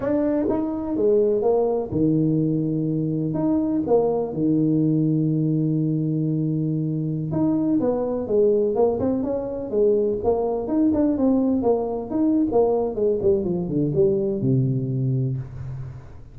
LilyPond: \new Staff \with { instrumentName = "tuba" } { \time 4/4 \tempo 4 = 125 d'4 dis'4 gis4 ais4 | dis2. dis'4 | ais4 dis2.~ | dis2.~ dis16 dis'8.~ |
dis'16 b4 gis4 ais8 c'8 cis'8.~ | cis'16 gis4 ais4 dis'8 d'8 c'8.~ | c'16 ais4 dis'8. ais4 gis8 g8 | f8 d8 g4 c2 | }